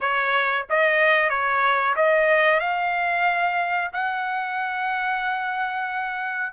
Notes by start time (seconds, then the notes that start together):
0.00 C#5
0.69 D#5
1.29 C#5
1.96 D#5
2.60 F5
3.92 F#5